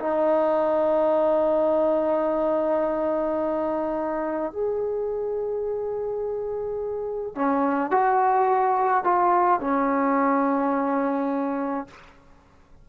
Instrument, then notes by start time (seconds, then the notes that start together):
trombone
0.00 D#4
4.53 G#4
7.36 C#4
7.91 F#4
9.05 F4
9.61 C#4